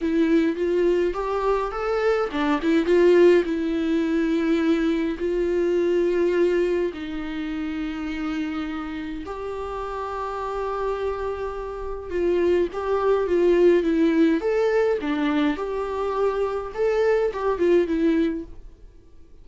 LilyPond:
\new Staff \with { instrumentName = "viola" } { \time 4/4 \tempo 4 = 104 e'4 f'4 g'4 a'4 | d'8 e'8 f'4 e'2~ | e'4 f'2. | dis'1 |
g'1~ | g'4 f'4 g'4 f'4 | e'4 a'4 d'4 g'4~ | g'4 a'4 g'8 f'8 e'4 | }